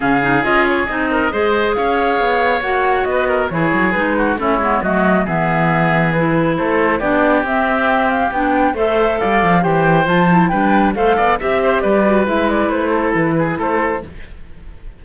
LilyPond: <<
  \new Staff \with { instrumentName = "flute" } { \time 4/4 \tempo 4 = 137 f''4 dis''8 cis''8 dis''2 | f''2 fis''4 dis''4 | cis''4 b'4 cis''4 dis''4 | e''2 b'4 c''4 |
d''4 e''4. f''8 g''4 | e''4 f''4 g''4 a''4 | g''4 f''4 e''4 d''4 | e''8 d''8 c''4 b'4 c''4 | }
  \new Staff \with { instrumentName = "oboe" } { \time 4/4 gis'2~ gis'8 ais'8 c''4 | cis''2. b'8 ais'8 | gis'4. fis'8 e'4 fis'4 | gis'2. a'4 |
g'1 | c''4 d''4 c''2 | b'4 c''8 d''8 e''8 c''8 b'4~ | b'4. a'4 gis'8 a'4 | }
  \new Staff \with { instrumentName = "clarinet" } { \time 4/4 cis'8 dis'8 f'4 dis'4 gis'4~ | gis'2 fis'2 | e'4 dis'4 cis'8 b8 a4 | b2 e'2 |
d'4 c'2 d'4 | a'2 g'4 f'8 e'8 | d'4 a'4 g'4. fis'8 | e'1 | }
  \new Staff \with { instrumentName = "cello" } { \time 4/4 cis4 cis'4 c'4 gis4 | cis'4 b4 ais4 b4 | e8 fis8 gis4 a8 gis8 fis4 | e2. a4 |
b4 c'2 b4 | a4 g8 f8 e4 f4 | g4 a8 b8 c'4 g4 | gis4 a4 e4 a4 | }
>>